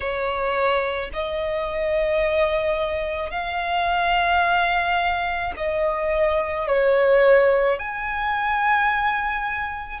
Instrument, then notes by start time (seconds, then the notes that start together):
violin
0.00 C#5
1.13 D#5
3.30 F5
5.56 D#5
6.67 C#5
7.78 G#5